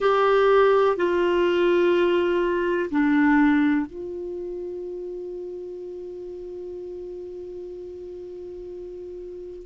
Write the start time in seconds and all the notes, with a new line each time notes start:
0.00 G4
0.96 F4
2.90 D4
3.86 F4